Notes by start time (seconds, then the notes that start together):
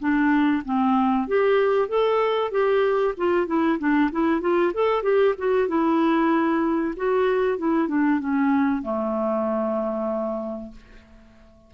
0.00 D4
0.65 C4
1.28 G4
1.89 A4
2.51 G4
3.18 F4
3.47 E4
3.79 D4
4.12 E4
4.41 F4
4.74 A4
5.03 G4
5.39 F#4
5.68 E4
6.97 F#4
7.58 E4
7.88 D4
8.20 C#4
8.82 A3